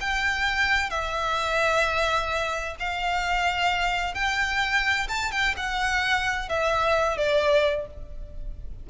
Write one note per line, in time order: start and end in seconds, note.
0.00 0.90 G5
0.90 2.76 E5
2.79 4.14 F5
4.14 5.07 G5
5.08 5.31 A5
5.31 5.55 G5
5.57 6.49 F#5
6.49 7.17 E5
7.17 7.86 D5